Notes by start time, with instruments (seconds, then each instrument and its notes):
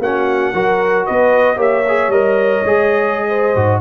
0.00 tuba A#3, trombone C#4, horn F#4, trumpet F#5
0.54 tuba F#3, trombone F#4, horn A#4
1.06 tuba B3, horn B4, trumpet D#5
1.55 tuba A#3, trombone G4, horn C#5, trumpet E5
1.88 trombone G#4
2.08 tuba G3, trombone A#4, trumpet D#5
2.64 tuba G#3, trombone G#4
3.28 horn C5
3.56 tuba G#2, trombone F#4